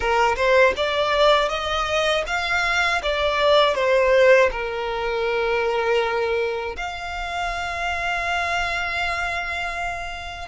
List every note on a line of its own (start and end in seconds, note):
0.00 0.35 A#4
0.36 0.73 C5
0.76 1.48 D5
1.48 2.23 D#5
2.26 3.01 F5
3.02 3.74 D5
3.74 4.49 C5
4.51 6.76 A#4
6.76 10.48 F5